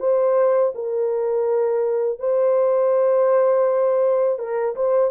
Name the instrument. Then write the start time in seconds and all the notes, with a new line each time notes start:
horn
0.00 C5
0.75 A#4
2.20 C5
4.39 A#4
4.76 C5